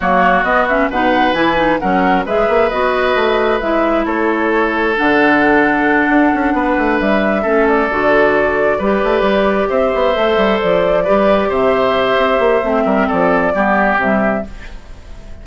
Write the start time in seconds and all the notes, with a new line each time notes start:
0.00 F#3 A#3 F#4 C#5
0.43 B3 D#5
0.68 C#4 E5
0.90 B2 D#4 B4 F#5
1.33 E3 E4 G#5
1.56 D#4
1.79 F#3 C#4 A#4 F#5
2.25 G#3 G#4 B4 E5
2.48 A#3
2.69 B3 F#4 D#5
3.15 A3
3.60 G#3 E4 E5
4.05 A3 A4 C#5
4.96 D3 D4 F#5
6.08 D4
6.34 C#4
6.53 B3 B4
6.77 A3
6.99 G3 E5
7.42 A3 C#4 A4
7.68 D5
7.90 D3 F#4
8.78 G3 G4 B4
9.03 A3
9.21 G3
9.68 C4 C5 E5
9.94 B3
10.14 A3 A4
10.36 G3
10.60 F3 D5
11.03 G3 G4 B4
11.48 C3 C5 E5
12.17 C4
12.39 A#3
12.63 A3 C4
12.85 G3 A#4
13.07 F3 A4 D5
13.54 G3 B3 G4
13.97 C3 G3 E5